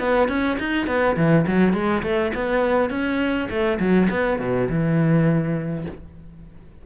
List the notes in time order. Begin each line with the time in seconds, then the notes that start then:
0.00 B3
0.29 C#4
0.60 D#4
0.87 B3
1.17 E3
1.47 F#3
1.74 G#3
2.03 A3
2.35 B3
2.90 C#4
3.50 A3
3.80 F#3
4.10 B3
4.40 B2
4.69 E3